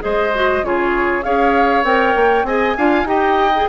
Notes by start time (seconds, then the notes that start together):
0.00 G#3 G#4 C5 D#5
0.35 F#4
0.63 C#3 F4 G#4 C#5
1.23 C#4 G#4 C#5 F5
1.84 C4 A#4 G5
2.16 A#3
2.44 C4 G#4 D#5 G#5
2.78 D4 F4 F5
3.04 D#4 G4 D#5 G5
3.56 G#4